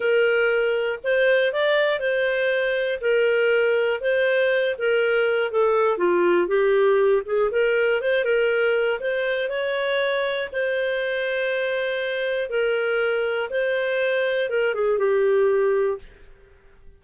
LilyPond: \new Staff \with { instrumentName = "clarinet" } { \time 4/4 \tempo 4 = 120 ais'2 c''4 d''4 | c''2 ais'2 | c''4. ais'4. a'4 | f'4 g'4. gis'8 ais'4 |
c''8 ais'4. c''4 cis''4~ | cis''4 c''2.~ | c''4 ais'2 c''4~ | c''4 ais'8 gis'8 g'2 | }